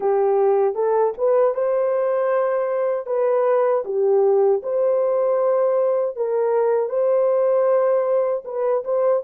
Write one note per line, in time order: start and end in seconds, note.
0.00 0.74 G4
0.74 1.13 A4
1.17 1.54 B4
1.54 3.06 C5
3.06 3.83 B4
3.84 4.61 G4
4.63 6.15 C5
6.15 6.89 A#4
6.89 8.43 C5
8.44 8.83 B4
8.84 9.23 C5